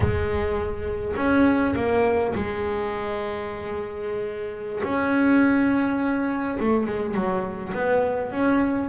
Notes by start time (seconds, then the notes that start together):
0.00 G#3
1.16 C#4
1.75 A#3
2.34 G#3
4.83 C#4
6.59 A3
6.86 G#3
7.14 F#3
7.73 B3
8.31 C#4